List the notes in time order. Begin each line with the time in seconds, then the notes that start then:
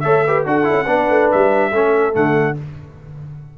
0.00 A3 A4 C#5 E5
0.25 G4 B4
0.45 D4 F#4 A4 F#5
0.63 E4
0.70 C#4
0.86 B3 D4 B4
1.09 A3
1.31 G3 E5
1.72 A3 C#4 A4
2.12 D3 A3 F#5